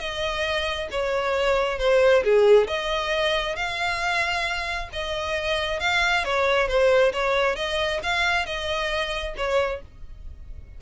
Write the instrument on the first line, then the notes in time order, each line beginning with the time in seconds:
violin
0.00 D#5
0.91 C#5
1.79 C5
2.24 G#4
2.67 D#5
3.56 F5
4.93 D#5
5.80 F5
6.25 C#5
6.68 C5
7.13 C#5
7.56 D#5
8.03 F5
8.46 D#5
9.37 C#5